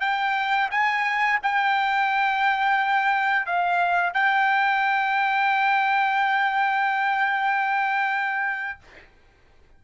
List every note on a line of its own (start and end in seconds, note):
0.00 0.69 G5
0.70 1.39 G#5
1.43 3.45 G5
3.45 4.13 F5
4.13 8.79 G5